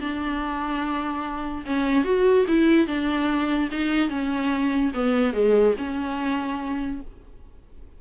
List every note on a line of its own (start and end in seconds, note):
0.00 1.64 D4
1.66 2.04 C#4
2.04 2.45 F#4
2.47 2.87 E4
2.87 3.69 D4
3.71 4.09 D#4
4.09 4.91 C#4
4.94 5.33 B3
5.33 5.74 G#3
5.77 7.00 C#4